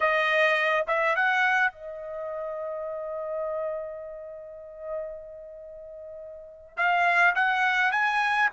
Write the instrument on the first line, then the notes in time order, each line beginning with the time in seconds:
trumpet
0.00 D#5
0.87 E5
1.15 F#5
1.72 D#5
6.76 F5
7.35 F#5
7.91 G#5